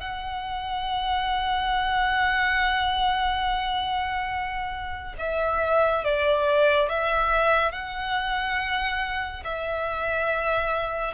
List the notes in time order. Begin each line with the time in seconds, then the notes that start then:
0.00 F#5
5.18 E5
6.04 D5
6.89 E5
7.72 F#5
9.44 E5